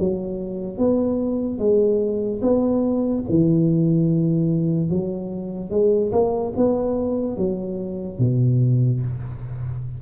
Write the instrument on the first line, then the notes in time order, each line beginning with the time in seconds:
tuba
0.00 F#3
0.78 B3
1.59 G#3
2.42 B3
3.29 E3
4.90 F#3
5.71 G#3
6.12 A#3
6.57 B3
7.37 F#3
8.19 B2